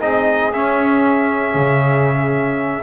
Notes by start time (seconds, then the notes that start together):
0.00 C4 D#4 G#4 D#5
0.52 C#4 E5
1.55 C#3